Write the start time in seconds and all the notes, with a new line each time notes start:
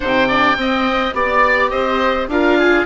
0.00 C3 D#4 C5 G5
0.27 D4 D5
0.56 C4 D#5
1.13 B3 G4 D5
1.70 C4 C5 D#5
2.28 D4 F4 A#4 F5
2.58 G#4